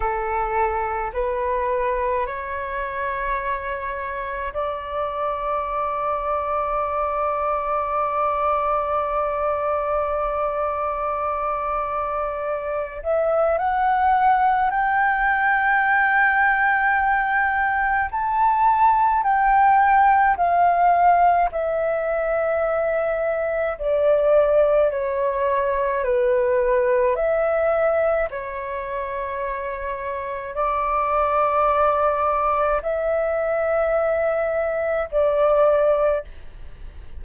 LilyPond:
\new Staff \with { instrumentName = "flute" } { \time 4/4 \tempo 4 = 53 a'4 b'4 cis''2 | d''1~ | d''2.~ d''8 e''8 | fis''4 g''2. |
a''4 g''4 f''4 e''4~ | e''4 d''4 cis''4 b'4 | e''4 cis''2 d''4~ | d''4 e''2 d''4 | }